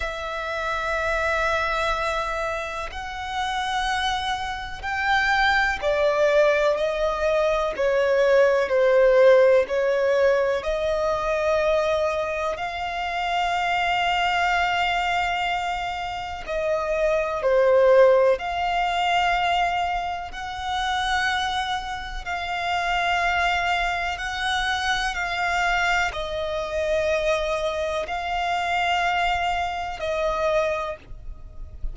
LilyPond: \new Staff \with { instrumentName = "violin" } { \time 4/4 \tempo 4 = 62 e''2. fis''4~ | fis''4 g''4 d''4 dis''4 | cis''4 c''4 cis''4 dis''4~ | dis''4 f''2.~ |
f''4 dis''4 c''4 f''4~ | f''4 fis''2 f''4~ | f''4 fis''4 f''4 dis''4~ | dis''4 f''2 dis''4 | }